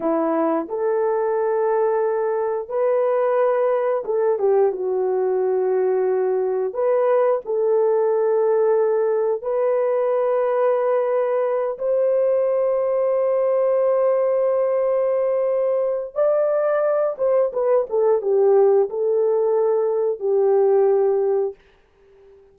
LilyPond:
\new Staff \with { instrumentName = "horn" } { \time 4/4 \tempo 4 = 89 e'4 a'2. | b'2 a'8 g'8 fis'4~ | fis'2 b'4 a'4~ | a'2 b'2~ |
b'4. c''2~ c''8~ | c''1 | d''4. c''8 b'8 a'8 g'4 | a'2 g'2 | }